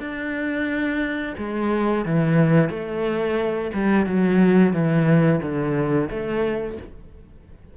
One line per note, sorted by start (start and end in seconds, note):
0.00 1.35 D4
1.38 2.05 G#3
2.05 2.70 E3
2.70 3.71 A3
3.74 4.06 G3
4.06 4.73 F#3
4.73 5.41 E3
5.42 6.09 D3
6.10 6.78 A3